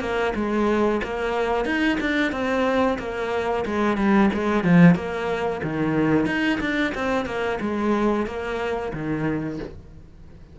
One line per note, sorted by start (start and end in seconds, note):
0.00 0.33 A#3
0.35 1.01 G#3
1.03 1.65 A#3
1.65 1.98 D#4
2.00 2.32 D4
2.32 2.98 C4
2.99 3.64 A#3
3.66 3.97 G#3
3.97 4.30 G3
4.33 4.64 G#3
4.64 4.95 F3
4.95 5.61 A#3
5.63 6.26 D#3
6.26 6.59 D#4
6.60 6.93 D4
6.95 7.26 C4
7.26 7.59 A#3
7.60 8.26 G#3
8.26 8.92 A#3
8.93 9.59 D#3